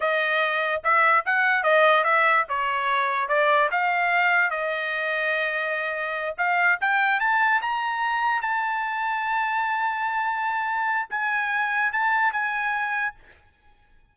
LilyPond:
\new Staff \with { instrumentName = "trumpet" } { \time 4/4 \tempo 4 = 146 dis''2 e''4 fis''4 | dis''4 e''4 cis''2 | d''4 f''2 dis''4~ | dis''2.~ dis''8 f''8~ |
f''8 g''4 a''4 ais''4.~ | ais''8 a''2.~ a''8~ | a''2. gis''4~ | gis''4 a''4 gis''2 | }